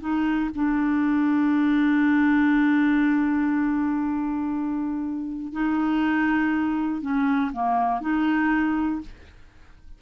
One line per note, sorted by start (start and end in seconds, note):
0.00 0.50 D#4
0.55 5.52 D4
5.52 7.01 D#4
7.01 7.51 C#4
7.52 8.01 A#3
8.01 9.01 D#4